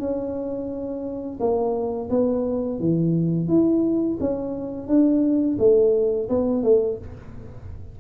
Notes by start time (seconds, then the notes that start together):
0.00 C#4
1.40 A#3
2.10 B3
2.80 E3
3.49 E4
4.21 C#4
4.87 D4
5.59 A3
6.29 B3
6.63 A3